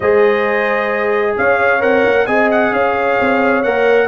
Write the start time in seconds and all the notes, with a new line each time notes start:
0.00 G#3 G#4 C5 D#5
1.37 C#4 C#5 F5
1.80 C4 A#4 F#5
2.05 A#3
2.26 C4 G#4 D#5 G#5
2.51 F#5
2.72 C#4 C#5 F5
3.20 C4
3.63 A#3 A#4 F#5